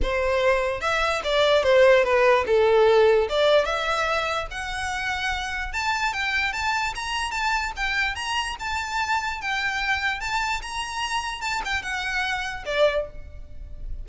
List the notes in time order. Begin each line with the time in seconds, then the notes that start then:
0.02 C5
0.81 E5
1.24 D5
1.63 C5
2.04 B4
2.46 A4
3.29 D5
3.65 E5
4.50 F#5
5.73 A5
6.13 G5
6.52 A5
6.95 A#5
7.31 A5
7.76 G5
8.15 A#5
8.59 A5
9.41 G5
10.20 A5
10.62 A#5
11.41 A5
11.64 G5
11.82 F#5
12.65 D5